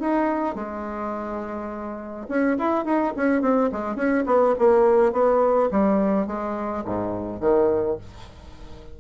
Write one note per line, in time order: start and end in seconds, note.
0.00 0.55 D#4
0.55 2.27 G#3
2.29 2.57 C#4
2.59 2.85 E4
2.85 3.14 D#4
3.17 3.42 C#4
3.42 3.70 C4
3.72 3.96 G#3
3.96 4.25 C#4
4.26 4.55 B3
4.59 5.13 A#3
5.13 5.70 B3
5.71 6.27 G3
6.27 6.84 G#3
6.85 7.41 G#2
7.41 7.98 D#3